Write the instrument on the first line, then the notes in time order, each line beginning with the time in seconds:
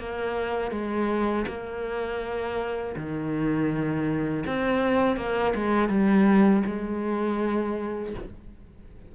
cello
0.00 A#3
0.72 G#3
1.48 A#3
2.96 D#3
4.47 C4
5.17 A#3
5.55 G#3
5.89 G3
6.66 G#3